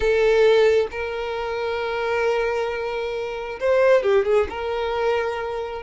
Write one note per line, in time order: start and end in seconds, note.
0.00 0.87 A4
0.91 3.59 A#4
3.60 4.03 C5
4.03 4.25 G4
4.25 4.47 G#4
4.49 5.82 A#4